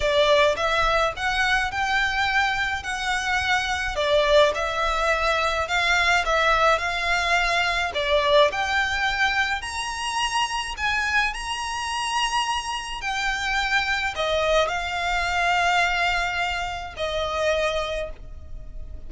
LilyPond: \new Staff \with { instrumentName = "violin" } { \time 4/4 \tempo 4 = 106 d''4 e''4 fis''4 g''4~ | g''4 fis''2 d''4 | e''2 f''4 e''4 | f''2 d''4 g''4~ |
g''4 ais''2 gis''4 | ais''2. g''4~ | g''4 dis''4 f''2~ | f''2 dis''2 | }